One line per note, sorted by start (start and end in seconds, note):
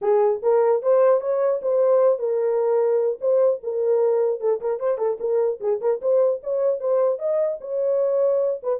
0.01 0.41 G#4
0.42 0.82 A#4
0.82 1.20 C5
1.20 1.60 C#5
1.62 2.18 C5
2.18 3.18 A#4
3.21 3.61 C5
3.63 4.40 A#4
4.40 4.60 A4
4.60 4.79 A#4
4.79 4.98 C5
4.98 5.18 A4
5.19 5.59 A#4
5.60 5.80 G#4
5.80 6.00 A#4
6.01 6.41 C5
6.43 6.80 C#5
6.80 7.19 C5
7.19 7.59 D#5
7.61 8.61 C#5
8.62 8.79 B4